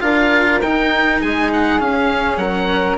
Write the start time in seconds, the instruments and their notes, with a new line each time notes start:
0.00 bassoon D4, cello F4, flute A#4, oboe F5
0.62 bassoon D#4, cello D#4, oboe G5
1.21 bassoon G#3, flute G#4, oboe G#5
1.53 oboe F#5
1.80 cello C#4, bassoon C#4, oboe F5
2.37 bassoon F#3, flute A#4, oboe F#5